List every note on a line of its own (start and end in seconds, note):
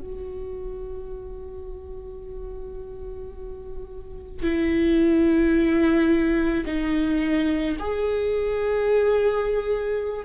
0.00 4.42 F#4
4.42 6.65 E4
6.66 7.77 D#4
7.79 10.25 G#4